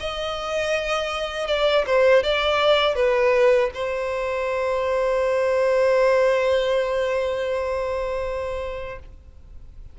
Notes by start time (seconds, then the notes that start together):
0.00 D#5
1.47 D5
1.86 C5
2.23 D5
2.95 B4
3.74 C5